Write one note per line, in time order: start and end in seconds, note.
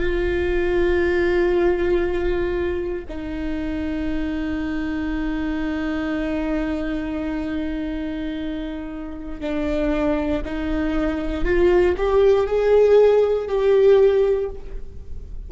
0.00 3.05 F4
3.09 9.41 D#4
9.41 10.42 D4
10.45 11.45 D#4
11.45 11.95 F4
11.97 12.47 G4
12.47 13.48 G#4
13.48 14.50 G4